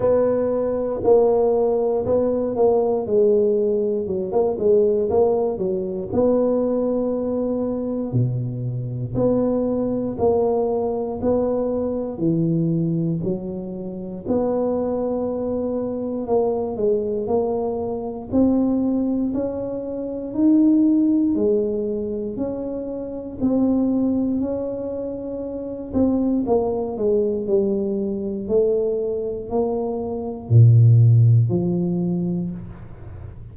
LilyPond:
\new Staff \with { instrumentName = "tuba" } { \time 4/4 \tempo 4 = 59 b4 ais4 b8 ais8 gis4 | fis16 ais16 gis8 ais8 fis8 b2 | b,4 b4 ais4 b4 | e4 fis4 b2 |
ais8 gis8 ais4 c'4 cis'4 | dis'4 gis4 cis'4 c'4 | cis'4. c'8 ais8 gis8 g4 | a4 ais4 ais,4 f4 | }